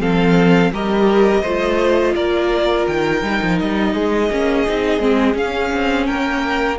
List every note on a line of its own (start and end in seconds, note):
0.00 0.71 F3
0.00 0.72 C4
0.00 0.72 A4
0.00 0.73 F5
0.72 1.43 G3
0.72 1.44 G4
0.72 1.42 A#4
0.72 2.15 D#5
1.42 2.15 A3
1.42 3.23 F4
1.42 2.14 C5
2.15 2.87 A#3
2.15 3.94 A#4
2.15 2.87 D5
2.87 3.22 D#3
2.87 3.59 G5
3.22 3.40 G3
3.22 4.30 D#4
3.43 3.61 F3
3.59 3.94 G3
3.59 5.37 D#5
3.94 4.30 G#3
3.94 6.07 G#4
4.30 4.66 A#3
4.30 4.67 C#4
4.67 4.99 C4
4.67 5.00 D#4
4.99 5.34 G#3
4.99 5.34 C4
5.34 6.77 C#4
5.34 5.70 C#4
5.34 6.06 F5
5.72 6.08 C4
6.06 6.79 A#3
6.06 6.79 A#4
6.06 6.78 G5